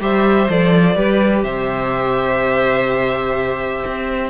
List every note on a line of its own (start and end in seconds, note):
0.00 0.48 G3
0.00 0.48 G4
0.00 0.96 C5
0.00 0.50 E5
0.49 0.95 F3
0.49 0.95 A4
0.49 1.44 D5
0.95 1.43 G3
0.95 4.30 G4
0.95 1.44 B4
1.43 3.83 C3
1.43 4.30 C5
1.43 4.30 E5
3.86 4.30 C4